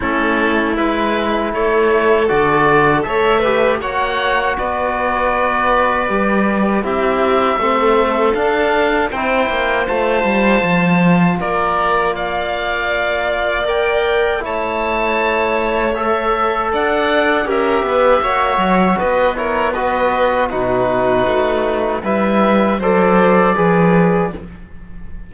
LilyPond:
<<
  \new Staff \with { instrumentName = "oboe" } { \time 4/4 \tempo 4 = 79 a'4 b'4 cis''4 d''4 | e''4 fis''4 d''2~ | d''4 e''2 f''4 | g''4 a''2 d''4 |
f''2 g''4 a''4~ | a''4 e''4 fis''4 e''4~ | e''4 dis''8 cis''8 dis''4 b'4~ | b'4 e''4 d''2 | }
  \new Staff \with { instrumentName = "violin" } { \time 4/4 e'2 a'2 | cis''8 b'8 cis''4 b'2~ | b'4 g'4 a'2 | c''2. ais'4 |
d''2. cis''4~ | cis''2 d''4 ais'8 b'8 | cis''4 b'8 ais'8 b'4 fis'4~ | fis'4 b'4 c''4 b'4 | }
  \new Staff \with { instrumentName = "trombone" } { \time 4/4 cis'4 e'2 fis'4 | a'8 g'8 fis'2. | g'4 e'4 c'4 d'4 | e'4 f'2.~ |
f'2 ais'4 e'4~ | e'4 a'2 g'4 | fis'4. e'8 fis'4 dis'4~ | dis'4 e'4 a'4 gis'4 | }
  \new Staff \with { instrumentName = "cello" } { \time 4/4 a4 gis4 a4 d4 | a4 ais4 b2 | g4 c'4 a4 d'4 | c'8 ais8 a8 g8 f4 ais4~ |
ais2. a4~ | a2 d'4 cis'8 b8 | ais8 fis8 b2 b,4 | a4 g4 fis4 f4 | }
>>